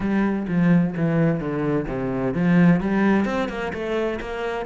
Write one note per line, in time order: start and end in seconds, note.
0.00 0.46 G3
0.48 0.94 F3
0.96 1.40 E3
1.40 1.86 D3
1.87 2.33 C3
2.33 2.80 F3
2.80 3.25 G3
3.25 3.48 C4
3.49 3.72 A#3
3.73 4.19 A3
4.20 4.65 A#3